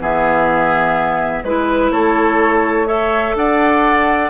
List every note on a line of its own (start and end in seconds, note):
0.00 1.44 E3
0.00 1.44 B3
0.00 1.45 G#4
0.00 1.44 E5
1.44 1.91 G#3
1.44 2.87 E4
1.44 1.92 B4
1.44 1.91 B4
1.91 3.35 A3
1.91 2.87 A4
1.91 2.88 C#5
2.87 4.30 A4
2.87 3.35 C#5
2.87 3.35 E5
3.35 4.30 D4
3.35 4.30 D5
3.35 4.30 F#5